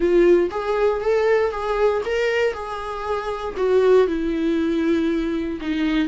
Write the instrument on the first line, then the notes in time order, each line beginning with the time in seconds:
viola
0.00 F4
0.51 G#4
1.00 A4
1.51 G#4
2.05 A#4
2.53 G#4
3.56 F#4
4.07 E4
5.60 D#4